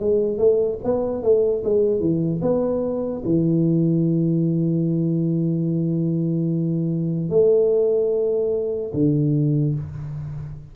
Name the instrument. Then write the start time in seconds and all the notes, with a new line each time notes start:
tuba
0.00 G#3
0.38 A3
0.84 B3
1.23 A3
1.64 G#3
2.00 E3
2.42 B3
3.25 E3
7.30 A3
8.94 D3